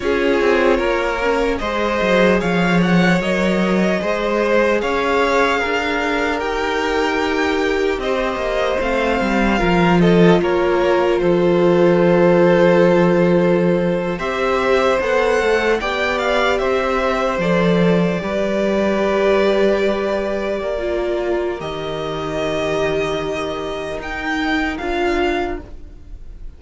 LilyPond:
<<
  \new Staff \with { instrumentName = "violin" } { \time 4/4 \tempo 4 = 75 cis''2 dis''4 f''8 fis''8 | dis''2 f''2 | g''2 dis''4 f''4~ | f''8 dis''8 cis''4 c''2~ |
c''4.~ c''16 e''4 fis''4 g''16~ | g''16 f''8 e''4 d''2~ d''16~ | d''2. dis''4~ | dis''2 g''4 f''4 | }
  \new Staff \with { instrumentName = "violin" } { \time 4/4 gis'4 ais'4 c''4 cis''4~ | cis''4 c''4 cis''4 ais'4~ | ais'2 c''2 | ais'8 a'8 ais'4 a'2~ |
a'4.~ a'16 c''2 d''16~ | d''8. c''2 b'4~ b'16~ | b'4.~ b'16 ais'2~ ais'16~ | ais'1 | }
  \new Staff \with { instrumentName = "viola" } { \time 4/4 f'4. cis'8 gis'2 | ais'4 gis'2. | g'2. c'4 | f'1~ |
f'4.~ f'16 g'4 a'4 g'16~ | g'4.~ g'16 a'4 g'4~ g'16~ | g'2 f'4 g'4~ | g'2 dis'4 f'4 | }
  \new Staff \with { instrumentName = "cello" } { \time 4/4 cis'8 c'8 ais4 gis8 fis8 f4 | fis4 gis4 cis'4 d'4 | dis'2 c'8 ais8 a8 g8 | f4 ais4 f2~ |
f4.~ f16 c'4 b8 a8 b16~ | b8. c'4 f4 g4~ g16~ | g4.~ g16 ais4~ ais16 dis4~ | dis2 dis'4 d'4 | }
>>